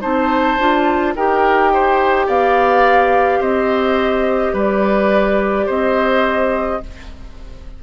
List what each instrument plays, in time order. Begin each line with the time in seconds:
0.00 bassoon C4, clarinet D#4, oboe C5, flute A5
0.58 bassoon D4, clarinet F4
1.15 bassoon D#4, clarinet G4, oboe A#4, flute G5
1.73 oboe C5
2.26 bassoon B3, oboe D5, flute F5
3.39 bassoon C4, oboe C5, flute D#5
4.52 bassoon G3, oboe B4, flute D5
5.66 bassoon C4, oboe C5, flute D#5